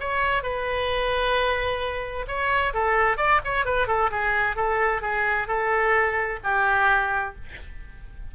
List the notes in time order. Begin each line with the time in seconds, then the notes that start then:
0.00 C#5
0.43 B4
2.27 C#5
2.74 A4
3.17 D5
3.44 C#5
3.65 B4
3.87 A4
4.11 G#4
4.56 A4
5.02 G#4
5.48 A4
6.44 G4